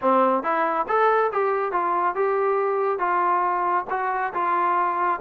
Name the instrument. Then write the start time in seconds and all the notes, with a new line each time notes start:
trombone
0.01 C4
0.43 E4
0.88 A4
1.32 G4
1.72 F4
2.15 G4
2.99 F4
3.90 F#4
4.33 F4